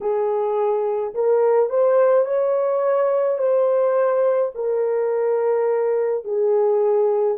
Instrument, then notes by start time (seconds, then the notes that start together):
horn
0.01 G#4
1.14 A#4
1.69 C5
2.25 C#5
3.38 C5
4.54 A#4
6.24 G#4